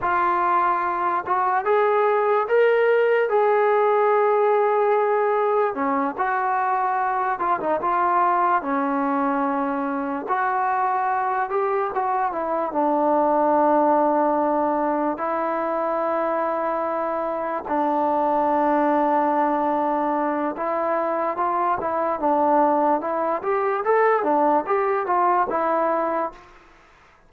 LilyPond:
\new Staff \with { instrumentName = "trombone" } { \time 4/4 \tempo 4 = 73 f'4. fis'8 gis'4 ais'4 | gis'2. cis'8 fis'8~ | fis'4 f'16 dis'16 f'4 cis'4.~ | cis'8 fis'4. g'8 fis'8 e'8 d'8~ |
d'2~ d'8 e'4.~ | e'4. d'2~ d'8~ | d'4 e'4 f'8 e'8 d'4 | e'8 g'8 a'8 d'8 g'8 f'8 e'4 | }